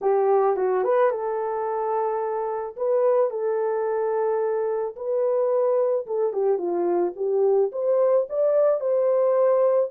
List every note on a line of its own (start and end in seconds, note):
0.01 0.56 G4
0.56 0.84 F#4
0.84 1.10 B4
1.10 2.75 A4
2.76 3.30 B4
3.30 4.95 A4
4.95 6.06 B4
6.06 6.32 A4
6.32 6.58 G4
6.58 7.13 F4
7.16 7.71 G4
7.72 8.27 C5
8.29 8.80 D5
8.80 9.90 C5